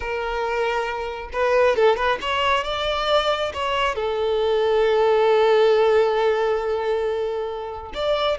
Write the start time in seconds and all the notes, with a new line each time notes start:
0.00 A#4
1.32 B4
1.75 A4
1.96 B4
2.21 C#5
2.64 D5
3.53 C#5
3.95 A4
7.94 D5